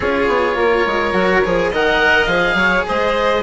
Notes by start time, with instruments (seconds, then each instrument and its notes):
0.00 bassoon C#4, cello F4, violin G#4, oboe C#5
0.27 bassoon B3
0.55 bassoon A#3, violin A#4
0.86 bassoon G#3
1.12 bassoon F#3, cello F#4
1.44 bassoon F3, cello G#4
1.70 bassoon D#3, cello A#4, violin D#5, oboe F#5
2.26 bassoon F3, cello G#4, oboe F5
2.53 bassoon F#3, violin C#5
2.87 bassoon G#3, violin C5, oboe D#5